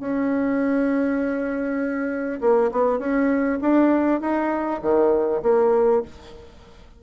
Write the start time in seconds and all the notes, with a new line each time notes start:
0.00 C#4
2.41 A#3
2.72 B3
2.99 C#4
3.61 D4
4.21 D#4
4.82 D#3
5.42 A#3